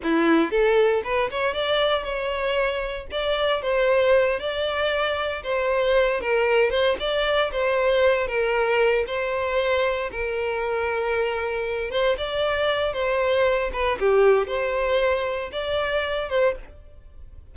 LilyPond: \new Staff \with { instrumentName = "violin" } { \time 4/4 \tempo 4 = 116 e'4 a'4 b'8 cis''8 d''4 | cis''2 d''4 c''4~ | c''8 d''2 c''4. | ais'4 c''8 d''4 c''4. |
ais'4. c''2 ais'8~ | ais'2. c''8 d''8~ | d''4 c''4. b'8 g'4 | c''2 d''4. c''8 | }